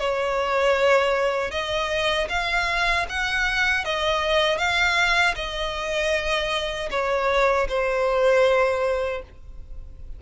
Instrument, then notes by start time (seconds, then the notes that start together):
violin
0.00 C#5
1.51 D#5
2.29 F5
3.09 F#5
3.85 D#5
4.58 F5
5.36 D#5
6.91 C#5
7.69 C5